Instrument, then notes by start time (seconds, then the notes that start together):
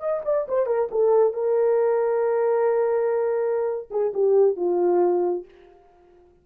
horn
0.00 D#5
0.25 D5
0.48 C5
0.66 A#4
0.91 A4
1.34 A#4
3.91 G#4
4.14 G4
4.56 F4